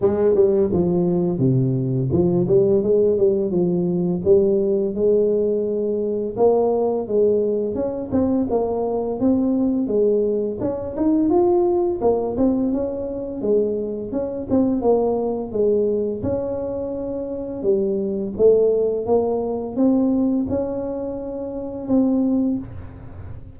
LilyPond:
\new Staff \with { instrumentName = "tuba" } { \time 4/4 \tempo 4 = 85 gis8 g8 f4 c4 f8 g8 | gis8 g8 f4 g4 gis4~ | gis4 ais4 gis4 cis'8 c'8 | ais4 c'4 gis4 cis'8 dis'8 |
f'4 ais8 c'8 cis'4 gis4 | cis'8 c'8 ais4 gis4 cis'4~ | cis'4 g4 a4 ais4 | c'4 cis'2 c'4 | }